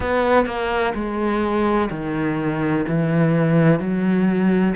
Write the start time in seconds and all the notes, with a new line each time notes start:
0.00 B3
0.45 A#3
0.94 G#3
1.90 D#3
2.88 E3
3.79 F#3